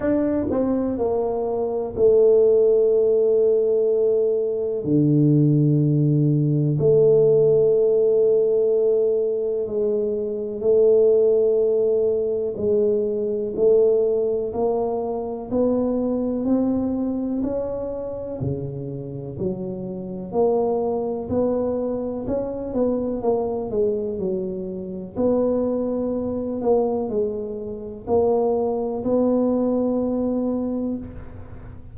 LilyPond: \new Staff \with { instrumentName = "tuba" } { \time 4/4 \tempo 4 = 62 d'8 c'8 ais4 a2~ | a4 d2 a4~ | a2 gis4 a4~ | a4 gis4 a4 ais4 |
b4 c'4 cis'4 cis4 | fis4 ais4 b4 cis'8 b8 | ais8 gis8 fis4 b4. ais8 | gis4 ais4 b2 | }